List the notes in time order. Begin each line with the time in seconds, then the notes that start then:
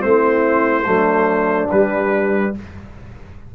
0.00 A3 C4 E4 C5
0.85 F#3 A3 D4
1.71 G3 B4